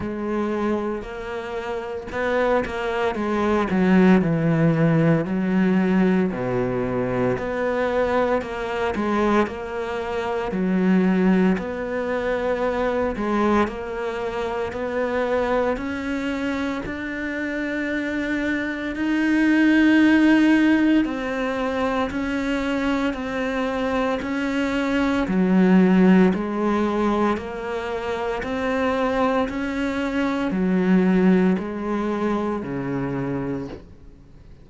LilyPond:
\new Staff \with { instrumentName = "cello" } { \time 4/4 \tempo 4 = 57 gis4 ais4 b8 ais8 gis8 fis8 | e4 fis4 b,4 b4 | ais8 gis8 ais4 fis4 b4~ | b8 gis8 ais4 b4 cis'4 |
d'2 dis'2 | c'4 cis'4 c'4 cis'4 | fis4 gis4 ais4 c'4 | cis'4 fis4 gis4 cis4 | }